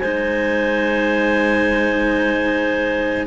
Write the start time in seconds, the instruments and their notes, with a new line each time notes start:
0.00 cello G#3 D#4, clarinet C5 G#5